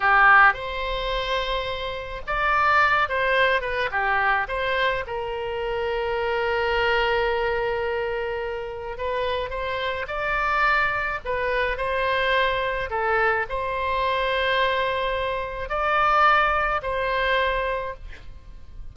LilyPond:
\new Staff \with { instrumentName = "oboe" } { \time 4/4 \tempo 4 = 107 g'4 c''2. | d''4. c''4 b'8 g'4 | c''4 ais'2.~ | ais'1 |
b'4 c''4 d''2 | b'4 c''2 a'4 | c''1 | d''2 c''2 | }